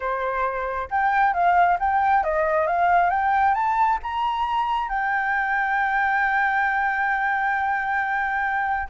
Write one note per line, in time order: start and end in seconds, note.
0.00 0.88 C5
0.90 1.33 G5
1.33 1.78 F5
1.79 2.23 G5
2.23 2.66 D#5
2.66 3.10 F5
3.10 3.54 G5
3.54 3.99 A5
4.02 4.88 A#5
4.88 8.88 G5